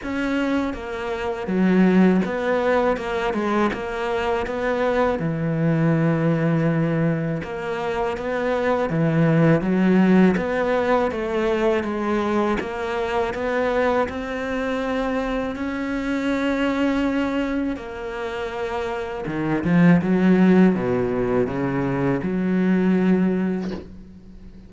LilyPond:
\new Staff \with { instrumentName = "cello" } { \time 4/4 \tempo 4 = 81 cis'4 ais4 fis4 b4 | ais8 gis8 ais4 b4 e4~ | e2 ais4 b4 | e4 fis4 b4 a4 |
gis4 ais4 b4 c'4~ | c'4 cis'2. | ais2 dis8 f8 fis4 | b,4 cis4 fis2 | }